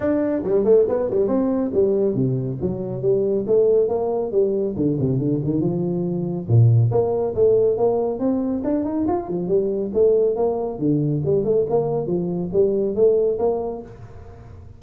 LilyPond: \new Staff \with { instrumentName = "tuba" } { \time 4/4 \tempo 4 = 139 d'4 g8 a8 b8 g8 c'4 | g4 c4 fis4 g4 | a4 ais4 g4 d8 c8 | d8 dis8 f2 ais,4 |
ais4 a4 ais4 c'4 | d'8 dis'8 f'8 f8 g4 a4 | ais4 d4 g8 a8 ais4 | f4 g4 a4 ais4 | }